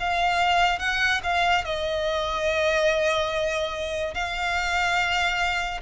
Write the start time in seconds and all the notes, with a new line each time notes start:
0.00 F5
0.79 F#5
1.23 F5
1.65 D#5
4.14 F5